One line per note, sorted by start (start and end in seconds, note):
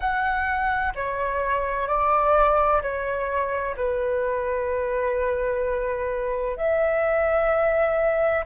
0.00 0.93 F#5
0.94 1.87 C#5
1.87 2.81 D5
2.81 3.75 C#5
3.76 6.56 B4
6.56 8.44 E5